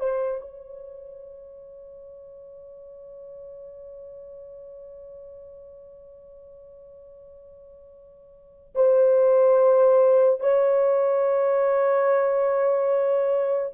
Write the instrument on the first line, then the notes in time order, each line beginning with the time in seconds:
horn
0.00 C5
0.41 C#5
8.75 C5
10.40 C#5